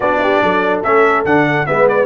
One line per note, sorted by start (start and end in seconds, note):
0.00 0.41 B3
0.00 0.84 D4
0.00 0.20 F#4
0.00 0.81 D5
0.22 0.42 G4
0.42 0.84 F#3
0.42 1.67 A4
0.83 1.25 A3
0.83 1.25 C#4
0.83 1.24 E5
1.25 1.67 D3
1.25 1.66 D4
1.25 1.66 F#5
1.66 2.05 G#3
1.66 2.05 B3
1.66 2.05 B4
1.66 1.87 E5
1.88 2.05 D5